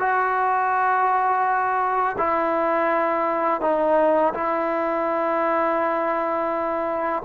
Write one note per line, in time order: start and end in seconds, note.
0.00 2.17 F#4
2.19 3.61 E4
3.61 4.34 D#4
4.34 7.24 E4